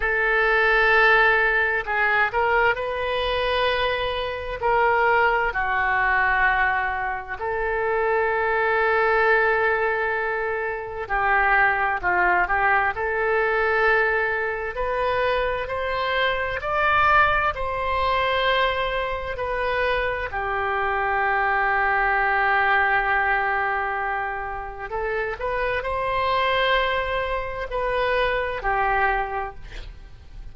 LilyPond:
\new Staff \with { instrumentName = "oboe" } { \time 4/4 \tempo 4 = 65 a'2 gis'8 ais'8 b'4~ | b'4 ais'4 fis'2 | a'1 | g'4 f'8 g'8 a'2 |
b'4 c''4 d''4 c''4~ | c''4 b'4 g'2~ | g'2. a'8 b'8 | c''2 b'4 g'4 | }